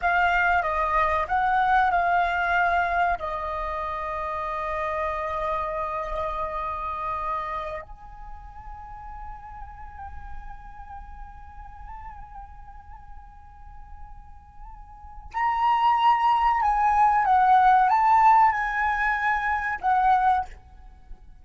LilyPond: \new Staff \with { instrumentName = "flute" } { \time 4/4 \tempo 4 = 94 f''4 dis''4 fis''4 f''4~ | f''4 dis''2.~ | dis''1~ | dis''16 gis''2.~ gis''8.~ |
gis''1~ | gis''1 | ais''2 gis''4 fis''4 | a''4 gis''2 fis''4 | }